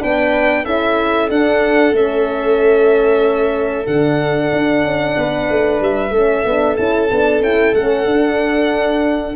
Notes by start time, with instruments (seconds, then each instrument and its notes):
0.00 tuba B3, horn D4, viola B4, violin G5
0.65 tuba C#4, horn E4, viola A4, violin E5
1.30 horn D4, tuba D4, violin F#5
1.92 tuba A3, horn C#4, violin E5
3.87 tuba D3, horn D4, violin F#5
4.53 tuba D4
4.84 tuba C#4
5.17 tuba B3, viola B4
5.50 tuba A3
5.81 tuba G3, violin E5
6.10 tuba A3, horn C#4, viola A4
6.45 tuba B3, horn D4
6.77 tuba C#4, horn E4, violin A5
7.11 tuba B3, horn D4
7.41 tuba C#4, horn E4, violin G5
7.74 tuba A3, horn C#4, violin F#5
8.06 tuba D4, horn D4